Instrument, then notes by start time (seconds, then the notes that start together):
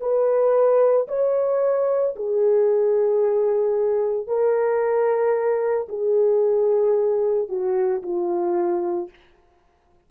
horn
0.00 B4
1.08 C#5
2.16 G#4
4.27 A#4
5.88 G#4
7.49 F#4
8.03 F4